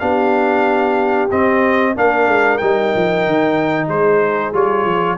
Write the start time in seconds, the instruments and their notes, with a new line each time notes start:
0.00 tuba B3, trombone D4, horn G4, trumpet F5
1.31 trombone C4, tuba C4, trumpet D#5
1.96 tuba A#3, trombone D4, horn A#4, trumpet F5
2.28 tuba G#3
2.58 tuba G3, trombone D#4, trumpet G5
2.96 tuba F3
3.27 tuba D#3
3.88 tuba G#3, horn G#4, trumpet C5
4.53 tuba G3, trombone F4, trumpet C#5
4.85 tuba F3